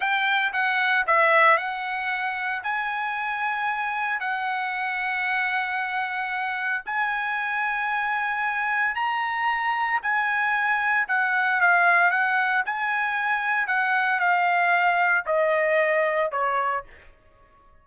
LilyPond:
\new Staff \with { instrumentName = "trumpet" } { \time 4/4 \tempo 4 = 114 g''4 fis''4 e''4 fis''4~ | fis''4 gis''2. | fis''1~ | fis''4 gis''2.~ |
gis''4 ais''2 gis''4~ | gis''4 fis''4 f''4 fis''4 | gis''2 fis''4 f''4~ | f''4 dis''2 cis''4 | }